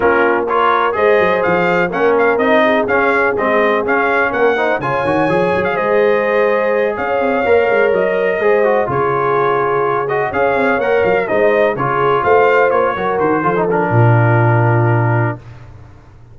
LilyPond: <<
  \new Staff \with { instrumentName = "trumpet" } { \time 4/4 \tempo 4 = 125 ais'4 cis''4 dis''4 f''4 | fis''8 f''8 dis''4 f''4 dis''4 | f''4 fis''4 gis''4.~ gis''16 f''16 | dis''2~ dis''8 f''4.~ |
f''8 dis''2 cis''4.~ | cis''4 dis''8 f''4 fis''8 f''8 dis''8~ | dis''8 cis''4 f''4 cis''4 c''8~ | c''8 ais'2.~ ais'8 | }
  \new Staff \with { instrumentName = "horn" } { \time 4/4 f'4 ais'4 c''2 | ais'4. gis'2~ gis'8~ | gis'4 ais'8 c''8 cis''2 | c''2~ c''8 cis''4.~ |
cis''4. c''4 gis'4.~ | gis'4. cis''2 c''8~ | c''8 gis'4 c''4. ais'4 | a'4 f'2. | }
  \new Staff \with { instrumentName = "trombone" } { \time 4/4 cis'4 f'4 gis'2 | cis'4 dis'4 cis'4 c'4 | cis'4. dis'8 f'8 fis'8 gis'4~ | gis'2.~ gis'8 ais'8~ |
ais'4. gis'8 fis'8 f'4.~ | f'4 fis'8 gis'4 ais'4 dis'8~ | dis'8 f'2~ f'8 fis'4 | f'16 dis'16 d'2.~ d'8 | }
  \new Staff \with { instrumentName = "tuba" } { \time 4/4 ais2 gis8 fis8 f4 | ais4 c'4 cis'4 gis4 | cis'4 ais4 cis8 dis8 f8 fis8 | gis2~ gis8 cis'8 c'8 ais8 |
gis8 fis4 gis4 cis4.~ | cis4. cis'8 c'8 ais8 fis8 gis8~ | gis8 cis4 a4 ais8 fis8 dis8 | f4 ais,2. | }
>>